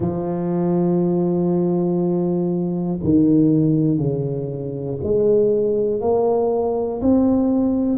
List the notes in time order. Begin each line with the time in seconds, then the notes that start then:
0.00 F3
3.03 D#3
3.98 C#3
5.03 G#3
6.00 A#3
7.01 C4